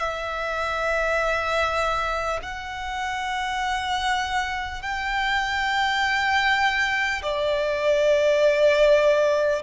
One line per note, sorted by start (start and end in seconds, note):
0.00 2.40 E5
2.43 4.83 F#5
4.83 7.23 G5
7.23 9.63 D5